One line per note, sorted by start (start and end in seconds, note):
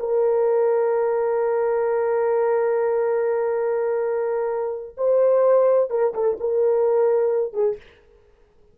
0.00 4.96 A#4
4.97 5.90 C5
5.90 6.14 A#4
6.14 6.38 A4
6.40 7.54 A#4
7.54 7.77 G#4